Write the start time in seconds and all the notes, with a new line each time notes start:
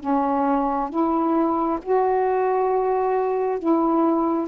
0.00 C#4
0.90 E4
1.82 F#4
3.59 E4